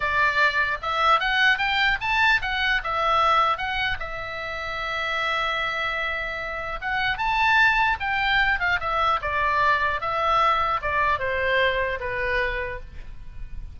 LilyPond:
\new Staff \with { instrumentName = "oboe" } { \time 4/4 \tempo 4 = 150 d''2 e''4 fis''4 | g''4 a''4 fis''4 e''4~ | e''4 fis''4 e''2~ | e''1~ |
e''4 fis''4 a''2 | g''4. f''8 e''4 d''4~ | d''4 e''2 d''4 | c''2 b'2 | }